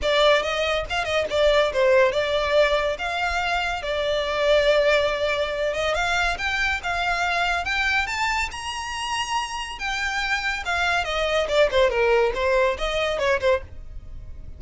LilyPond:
\new Staff \with { instrumentName = "violin" } { \time 4/4 \tempo 4 = 141 d''4 dis''4 f''8 dis''8 d''4 | c''4 d''2 f''4~ | f''4 d''2.~ | d''4. dis''8 f''4 g''4 |
f''2 g''4 a''4 | ais''2. g''4~ | g''4 f''4 dis''4 d''8 c''8 | ais'4 c''4 dis''4 cis''8 c''8 | }